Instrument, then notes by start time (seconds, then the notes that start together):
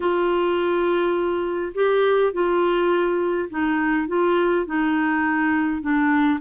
clarinet
0.00 F4
1.74 G4
2.32 F4
3.50 D#4
4.07 F4
4.66 D#4
5.81 D4